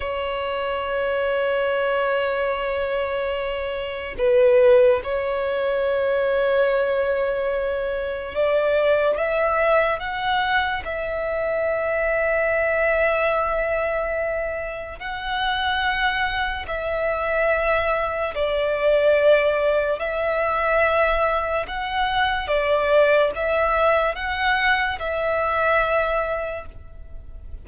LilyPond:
\new Staff \with { instrumentName = "violin" } { \time 4/4 \tempo 4 = 72 cis''1~ | cis''4 b'4 cis''2~ | cis''2 d''4 e''4 | fis''4 e''2.~ |
e''2 fis''2 | e''2 d''2 | e''2 fis''4 d''4 | e''4 fis''4 e''2 | }